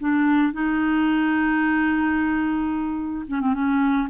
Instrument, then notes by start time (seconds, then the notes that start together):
clarinet
0.00 D4
0.53 D#4
3.28 C#4
3.41 C4
3.54 C#4